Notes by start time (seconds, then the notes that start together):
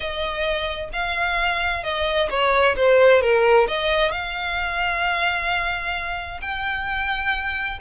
0.00 D#5
0.92 F5
1.83 D#5
2.30 C#5
2.76 C5
3.21 A#4
3.67 D#5
4.11 F5
6.41 G5